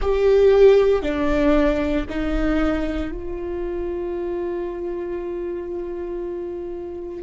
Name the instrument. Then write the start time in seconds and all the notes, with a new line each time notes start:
viola
0.01 G4
1.02 D4
2.09 D#4
3.11 F4